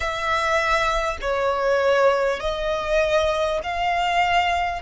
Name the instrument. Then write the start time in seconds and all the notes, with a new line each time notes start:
violin
0.00 E5
1.21 C#5
2.40 D#5
3.63 F5